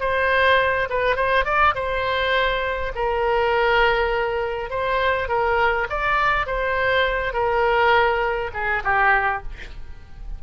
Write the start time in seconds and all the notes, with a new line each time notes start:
0.00 C5
0.89 B4
1.16 C5
1.45 D5
1.75 C5
2.95 A#4
4.70 C5
5.28 A#4
5.90 D5
6.46 C5
7.33 A#4
8.53 G#4
8.84 G4